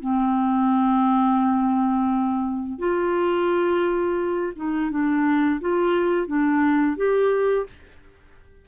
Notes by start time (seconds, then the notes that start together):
0.00 C4
2.78 F4
4.56 D#4
4.90 D4
5.60 F4
6.27 D4
6.96 G4